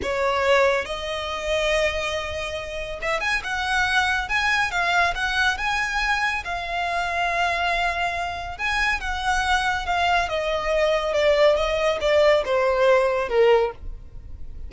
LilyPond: \new Staff \with { instrumentName = "violin" } { \time 4/4 \tempo 4 = 140 cis''2 dis''2~ | dis''2. e''8 gis''8 | fis''2 gis''4 f''4 | fis''4 gis''2 f''4~ |
f''1 | gis''4 fis''2 f''4 | dis''2 d''4 dis''4 | d''4 c''2 ais'4 | }